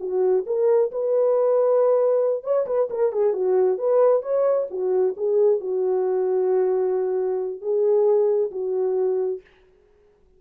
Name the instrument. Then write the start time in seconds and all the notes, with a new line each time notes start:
horn
0.00 F#4
0.46 A#4
0.92 B4
2.44 C#5
2.66 B4
2.90 A#4
3.12 G#4
3.33 F#4
3.78 B4
4.22 C#5
4.70 F#4
5.17 G#4
5.61 F#4
7.61 G#4
8.51 F#4